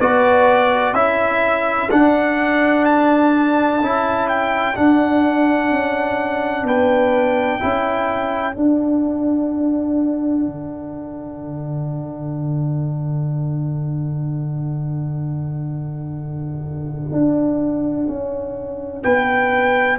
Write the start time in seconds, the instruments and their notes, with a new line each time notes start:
0.00 tuba B3, trombone F#4, horn B4, trumpet D5
0.93 tuba C#4, trombone E4, horn A4, trumpet E5
1.90 trombone D4, tuba D4, trumpet F#5
2.85 trumpet A5
3.82 tuba C#4, trombone E4
4.28 trumpet G5
4.75 trombone D4, tuba D4, trumpet F#5
5.71 tuba C#4
6.64 tuba B3, horn B4, trumpet G5
7.60 tuba C#4, trombone E4, horn A4
8.53 trombone D4, tuba D4, trumpet F#5
10.46 tuba D3
17.12 tuba D4
18.08 tuba C#4
19.03 tuba B3, horn B4, trumpet G5